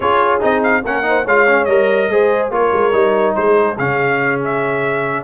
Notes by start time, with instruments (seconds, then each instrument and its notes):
0.00 tuba C#4, trombone F4, horn G#4, trumpet C#5
0.40 tuba C4, trombone D#4, trumpet D#5
0.63 trumpet F5
0.84 tuba A#3, trombone C#4, horn A#4, trumpet F#5
1.03 trombone D#4, horn C5
1.25 tuba G#3, trombone F4, horn C#5, trumpet F5
1.47 trombone C#4
1.64 tuba G3, trombone A#4, trumpet D#5
2.09 tuba G#3, trombone G#4, horn C5
2.50 tuba A#3, trombone F4, horn A#4, trumpet C#5
2.72 tuba G#3
2.92 tuba G3, trombone D#4
3.35 tuba G#3, horn G#4, trumpet C5
3.77 tuba C#3, trombone C#4, trumpet F5
4.44 trumpet E5